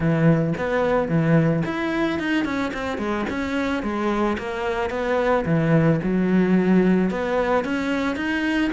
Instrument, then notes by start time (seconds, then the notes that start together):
cello
0.00 E3
0.57 B3
1.08 E3
1.65 E4
2.19 D#4
2.44 C#4
2.73 C4
2.98 G#3
3.29 C#4
3.82 G#3
4.38 A#3
4.90 B3
5.45 E3
6.03 F#3
7.10 B3
7.64 C#4
8.16 D#4